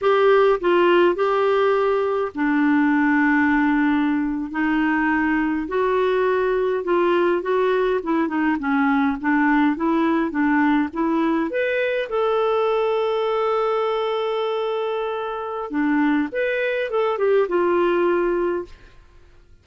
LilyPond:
\new Staff \with { instrumentName = "clarinet" } { \time 4/4 \tempo 4 = 103 g'4 f'4 g'2 | d'2.~ d'8. dis'16~ | dis'4.~ dis'16 fis'2 f'16~ | f'8. fis'4 e'8 dis'8 cis'4 d'16~ |
d'8. e'4 d'4 e'4 b'16~ | b'8. a'2.~ a'16~ | a'2. d'4 | b'4 a'8 g'8 f'2 | }